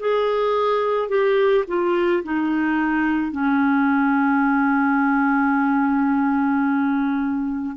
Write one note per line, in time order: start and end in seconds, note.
0.00 1.10 G#4
1.10 1.65 G4
1.68 2.24 F4
2.24 3.32 D#4
3.32 7.76 C#4